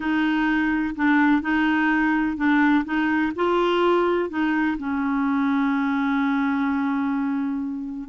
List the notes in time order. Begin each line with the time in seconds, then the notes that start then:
0.00 D#4
0.95 D4
1.41 D#4
2.36 D4
2.84 D#4
3.35 F4
4.29 D#4
4.77 C#4